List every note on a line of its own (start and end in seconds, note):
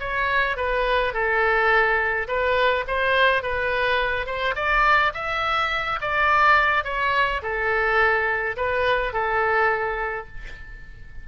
0.00 0.57 C#5
0.57 1.14 B4
1.14 2.28 A4
2.28 2.85 B4
2.88 3.43 C5
3.43 4.26 B4
4.26 4.55 C5
4.56 5.13 D5
5.14 6.00 E5
6.01 6.85 D5
6.85 7.42 C#5
7.42 8.57 A4
8.57 9.14 B4
9.14 10.28 A4